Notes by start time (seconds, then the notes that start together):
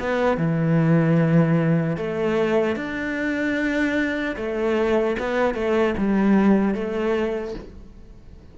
0.00 B3
0.37 E3
1.97 A3
2.76 D4
4.37 A3
5.19 B3
5.55 A3
5.98 G3
6.75 A3